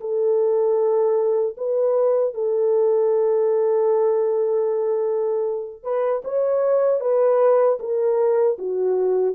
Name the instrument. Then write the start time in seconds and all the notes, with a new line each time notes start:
horn
0.00 A4
1.57 B4
2.34 A4
5.83 B4
6.24 C#5
7.00 B4
7.80 A#4
8.58 F#4